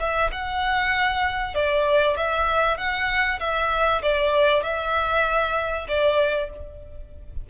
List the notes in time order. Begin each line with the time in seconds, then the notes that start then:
0.00 E5
0.32 F#5
1.55 D5
2.17 E5
2.78 F#5
3.40 E5
4.03 D5
4.63 E5
5.88 D5